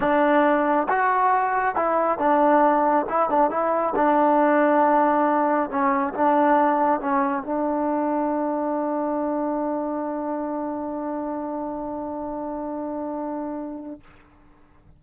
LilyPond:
\new Staff \with { instrumentName = "trombone" } { \time 4/4 \tempo 4 = 137 d'2 fis'2 | e'4 d'2 e'8 d'8 | e'4 d'2.~ | d'4 cis'4 d'2 |
cis'4 d'2.~ | d'1~ | d'1~ | d'1 | }